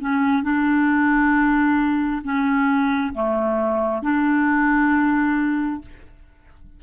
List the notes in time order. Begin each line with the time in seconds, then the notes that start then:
0.00 C#4
0.43 D4
2.24 C#4
3.13 A3
4.02 D4